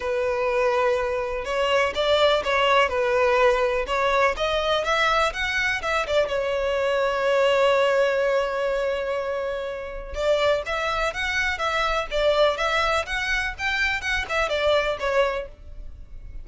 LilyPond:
\new Staff \with { instrumentName = "violin" } { \time 4/4 \tempo 4 = 124 b'2. cis''4 | d''4 cis''4 b'2 | cis''4 dis''4 e''4 fis''4 | e''8 d''8 cis''2.~ |
cis''1~ | cis''4 d''4 e''4 fis''4 | e''4 d''4 e''4 fis''4 | g''4 fis''8 e''8 d''4 cis''4 | }